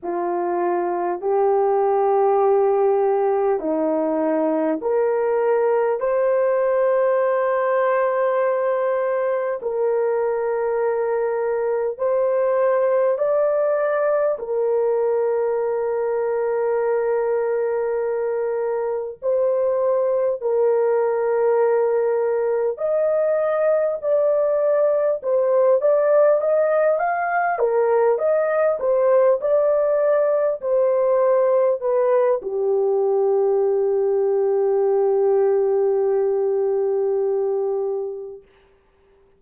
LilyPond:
\new Staff \with { instrumentName = "horn" } { \time 4/4 \tempo 4 = 50 f'4 g'2 dis'4 | ais'4 c''2. | ais'2 c''4 d''4 | ais'1 |
c''4 ais'2 dis''4 | d''4 c''8 d''8 dis''8 f''8 ais'8 dis''8 | c''8 d''4 c''4 b'8 g'4~ | g'1 | }